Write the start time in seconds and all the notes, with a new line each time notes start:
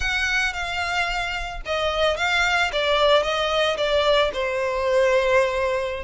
0.00 F#5
0.53 F5
1.65 D#5
2.16 F5
2.72 D5
3.22 D#5
3.77 D5
4.33 C5